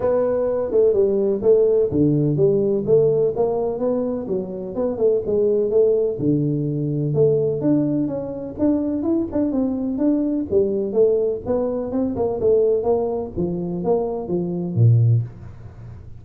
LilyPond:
\new Staff \with { instrumentName = "tuba" } { \time 4/4 \tempo 4 = 126 b4. a8 g4 a4 | d4 g4 a4 ais4 | b4 fis4 b8 a8 gis4 | a4 d2 a4 |
d'4 cis'4 d'4 e'8 d'8 | c'4 d'4 g4 a4 | b4 c'8 ais8 a4 ais4 | f4 ais4 f4 ais,4 | }